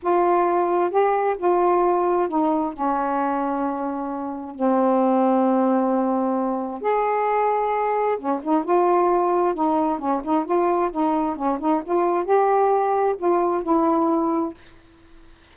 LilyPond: \new Staff \with { instrumentName = "saxophone" } { \time 4/4 \tempo 4 = 132 f'2 g'4 f'4~ | f'4 dis'4 cis'2~ | cis'2 c'2~ | c'2. gis'4~ |
gis'2 cis'8 dis'8 f'4~ | f'4 dis'4 cis'8 dis'8 f'4 | dis'4 cis'8 dis'8 f'4 g'4~ | g'4 f'4 e'2 | }